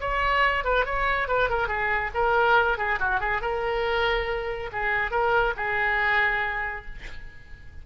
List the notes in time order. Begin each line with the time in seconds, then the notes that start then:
0.00 C#5
0.64 B4
0.85 C#5
1.28 B4
1.49 A#4
1.68 G#4
2.14 A#4
2.78 G#4
2.99 F#4
3.20 G#4
3.41 A#4
4.72 G#4
5.11 A#4
5.57 G#4